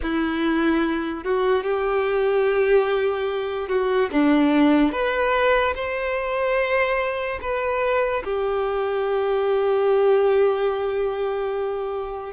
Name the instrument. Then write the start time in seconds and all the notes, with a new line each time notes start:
violin
0.02 E4
1.23 F#4
1.63 G4
3.68 F#4
4.12 D4
4.91 B4
5.75 C5
7.41 B4
8.24 G4